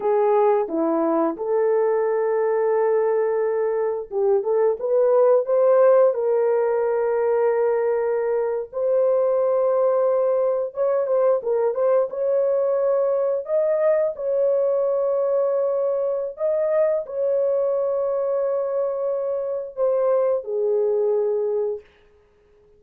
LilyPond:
\new Staff \with { instrumentName = "horn" } { \time 4/4 \tempo 4 = 88 gis'4 e'4 a'2~ | a'2 g'8 a'8 b'4 | c''4 ais'2.~ | ais'8. c''2. cis''16~ |
cis''16 c''8 ais'8 c''8 cis''2 dis''16~ | dis''8. cis''2.~ cis''16 | dis''4 cis''2.~ | cis''4 c''4 gis'2 | }